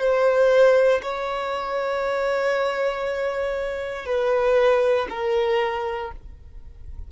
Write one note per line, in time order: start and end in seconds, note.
0.00 1.02 C5
1.03 4.06 C#5
4.06 5.08 B4
5.10 6.12 A#4